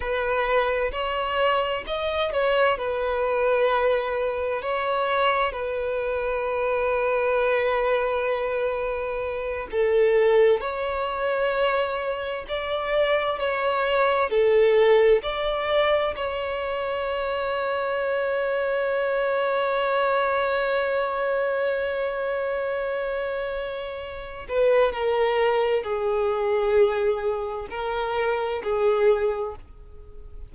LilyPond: \new Staff \with { instrumentName = "violin" } { \time 4/4 \tempo 4 = 65 b'4 cis''4 dis''8 cis''8 b'4~ | b'4 cis''4 b'2~ | b'2~ b'8 a'4 cis''8~ | cis''4. d''4 cis''4 a'8~ |
a'8 d''4 cis''2~ cis''8~ | cis''1~ | cis''2~ cis''8 b'8 ais'4 | gis'2 ais'4 gis'4 | }